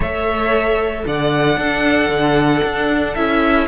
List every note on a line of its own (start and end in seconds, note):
0.00 1.04 A3
0.00 1.59 A4
0.00 1.04 C#5
0.00 1.06 E5
1.05 1.56 D3
1.05 1.58 D5
1.05 3.14 F#5
1.56 2.08 D4
1.56 3.17 D4
1.56 3.67 A4
2.08 2.61 D3
2.63 3.16 D4
3.14 3.67 C#4
3.14 3.67 E4
3.14 3.67 E5